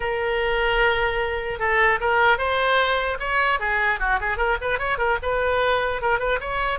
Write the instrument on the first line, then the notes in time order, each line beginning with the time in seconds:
oboe
0.00 A#4
1.59 A4
2.00 A#4
2.37 C5
3.19 C#5
3.59 G#4
3.99 F#4
4.20 G#4
4.37 A#4
4.61 B4
4.78 C#5
4.98 A#4
5.22 B4
6.01 A#4
6.19 B4
6.40 C#5